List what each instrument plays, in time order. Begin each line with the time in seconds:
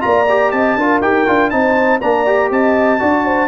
0.00 tuba A#3, trombone F4, horn D5, trumpet A#5
0.29 trombone G4
0.51 tuba C4, horn D#5, trumpet A5
0.75 tuba D4, trombone F4, horn A#4
1.01 tuba D#4, trombone G4, trumpet G5
1.26 tuba D4, trombone F4
1.50 tuba C4, trombone D#4, horn C5, trumpet A5
2.00 tuba A#3, trombone D4, horn D5, trumpet A#5
2.26 trombone G4
2.50 tuba C4, horn D#5, trumpet A5
2.99 tuba D4, trombone F#4, horn D5
3.25 horn C5